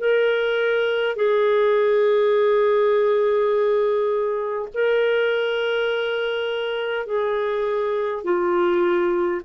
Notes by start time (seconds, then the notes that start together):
0.00 A#4
1.16 G#4
4.74 A#4
7.06 G#4
8.24 F4